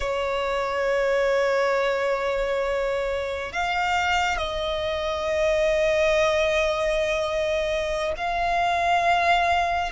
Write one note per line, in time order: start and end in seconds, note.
0.00 3.52 C#5
3.52 4.37 F5
4.37 8.12 D#5
8.17 9.91 F5